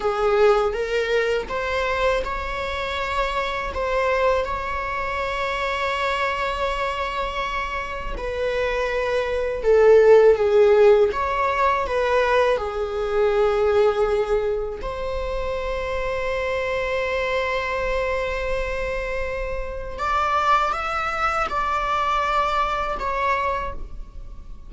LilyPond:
\new Staff \with { instrumentName = "viola" } { \time 4/4 \tempo 4 = 81 gis'4 ais'4 c''4 cis''4~ | cis''4 c''4 cis''2~ | cis''2. b'4~ | b'4 a'4 gis'4 cis''4 |
b'4 gis'2. | c''1~ | c''2. d''4 | e''4 d''2 cis''4 | }